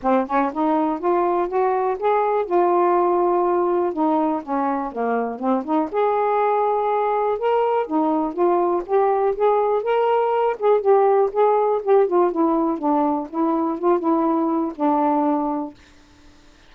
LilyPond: \new Staff \with { instrumentName = "saxophone" } { \time 4/4 \tempo 4 = 122 c'8 cis'8 dis'4 f'4 fis'4 | gis'4 f'2. | dis'4 cis'4 ais4 c'8 dis'8 | gis'2. ais'4 |
dis'4 f'4 g'4 gis'4 | ais'4. gis'8 g'4 gis'4 | g'8 f'8 e'4 d'4 e'4 | f'8 e'4. d'2 | }